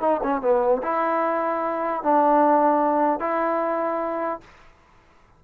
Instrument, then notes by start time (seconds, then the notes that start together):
trombone
0.00 D#4
0.23 C#4
0.41 B3
0.82 E4
2.03 D4
3.20 E4